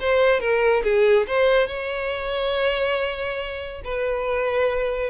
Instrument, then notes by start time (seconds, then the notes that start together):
violin
0.00 C5
0.40 A#4
0.84 G#4
1.27 C5
1.67 C#5
3.84 B4